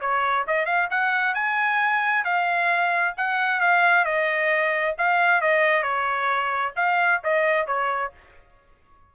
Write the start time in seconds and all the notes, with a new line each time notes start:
0.00 C#5
0.47 D#5
0.65 F5
0.90 F#5
1.34 G#5
2.24 F5
3.17 F#5
3.60 F5
4.04 D#5
4.97 F5
5.41 D#5
5.82 C#5
6.75 F5
7.23 D#5
7.66 C#5